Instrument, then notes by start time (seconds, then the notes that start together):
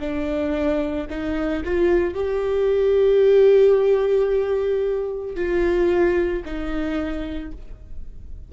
viola
0.00 D4
1.10 D#4
1.65 F4
2.15 G4
5.36 F4
6.45 D#4